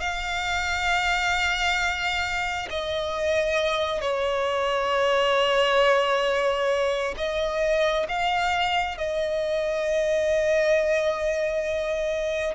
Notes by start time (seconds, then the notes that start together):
0.00 F5
2.70 D#5
4.02 C#5
7.18 D#5
8.08 F5
8.98 D#5